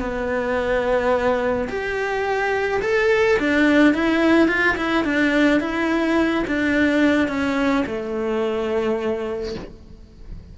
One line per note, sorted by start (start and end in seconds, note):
0.00 1.68 B3
1.69 2.81 G4
2.82 3.38 A4
3.40 3.94 D4
3.94 4.48 E4
4.48 4.76 F4
4.77 5.05 E4
5.05 5.60 D4
5.60 6.45 E4
6.48 7.28 D4
7.28 7.85 C#4
7.87 9.55 A3